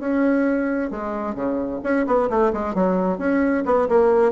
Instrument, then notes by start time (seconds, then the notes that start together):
bassoon
0.00 C#4
0.91 G#3
1.35 C#3
1.83 C#4
2.07 B3
2.30 A3
2.53 G#3
2.75 F#3
3.19 C#4
3.65 B3
3.89 A#3